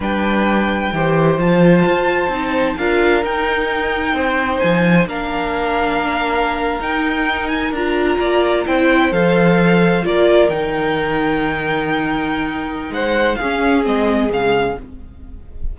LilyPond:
<<
  \new Staff \with { instrumentName = "violin" } { \time 4/4 \tempo 4 = 130 g''2. a''4~ | a''2 f''4 g''4~ | g''2 gis''4 f''4~ | f''2~ f''8. g''4~ g''16~ |
g''16 gis''8 ais''2 g''4 f''16~ | f''4.~ f''16 d''4 g''4~ g''16~ | g''1 | fis''4 f''4 dis''4 f''4 | }
  \new Staff \with { instrumentName = "violin" } { \time 4/4 b'2 c''2~ | c''2 ais'2~ | ais'4 c''2 ais'4~ | ais'1~ |
ais'4.~ ais'16 d''4 c''4~ c''16~ | c''4.~ c''16 ais'2~ ais'16~ | ais'1 | c''4 gis'2. | }
  \new Staff \with { instrumentName = "viola" } { \time 4/4 d'2 g'4 f'4~ | f'4 dis'4 f'4 dis'4~ | dis'2. d'4~ | d'2~ d'8. dis'4~ dis'16~ |
dis'8. f'2 e'4 a'16~ | a'4.~ a'16 f'4 dis'4~ dis'16~ | dis'1~ | dis'4 cis'4 c'4 gis4 | }
  \new Staff \with { instrumentName = "cello" } { \time 4/4 g2 e4 f4 | f'4 c'4 d'4 dis'4~ | dis'4 c'4 f4 ais4~ | ais2~ ais8. dis'4~ dis'16~ |
dis'8. d'4 ais4 c'4 f16~ | f4.~ f16 ais4 dis4~ dis16~ | dis1 | gis4 cis'4 gis4 cis4 | }
>>